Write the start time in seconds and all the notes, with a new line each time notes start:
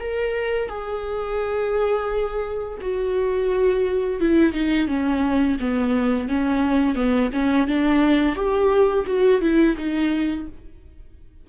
0.00 A#4
0.69 G#4
2.82 F#4
4.21 E4
4.53 D#4
4.88 C#4
5.60 B3
6.29 C#4
6.95 B3
7.33 C#4
7.67 D4
8.36 G4
9.06 F#4
9.41 E4
9.77 D#4